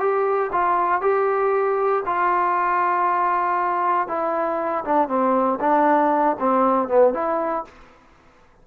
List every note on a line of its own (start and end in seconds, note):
0.00 0.51 G4
0.52 1.02 F4
1.02 2.03 G4
2.06 4.08 F4
4.08 4.84 E4
4.85 5.08 D4
5.08 5.59 C4
5.60 6.37 D4
6.40 6.89 C4
6.89 7.14 B3
7.14 7.65 E4